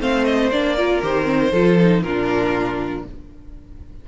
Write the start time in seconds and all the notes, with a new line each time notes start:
0.00 A3 C4 C5 F5
0.24 D#5
0.51 A#3 D4 D5
0.76 F4 A#4
1.02 D#3 G4 C5
1.24 C4
1.51 F3 F4 A4
1.80 D#4
2.02 A#2 D4 F4 A#4